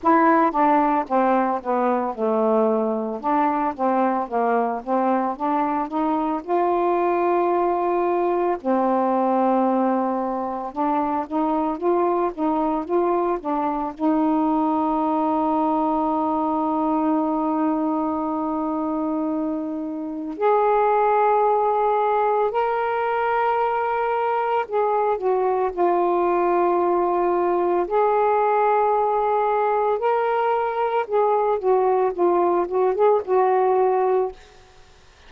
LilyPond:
\new Staff \with { instrumentName = "saxophone" } { \time 4/4 \tempo 4 = 56 e'8 d'8 c'8 b8 a4 d'8 c'8 | ais8 c'8 d'8 dis'8 f'2 | c'2 d'8 dis'8 f'8 dis'8 | f'8 d'8 dis'2.~ |
dis'2. gis'4~ | gis'4 ais'2 gis'8 fis'8 | f'2 gis'2 | ais'4 gis'8 fis'8 f'8 fis'16 gis'16 fis'4 | }